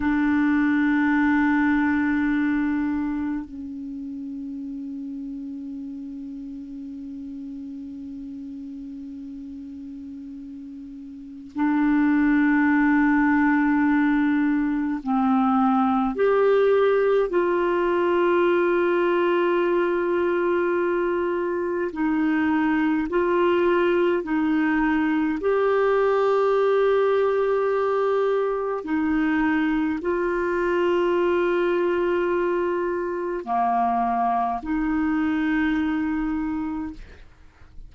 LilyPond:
\new Staff \with { instrumentName = "clarinet" } { \time 4/4 \tempo 4 = 52 d'2. cis'4~ | cis'1~ | cis'2 d'2~ | d'4 c'4 g'4 f'4~ |
f'2. dis'4 | f'4 dis'4 g'2~ | g'4 dis'4 f'2~ | f'4 ais4 dis'2 | }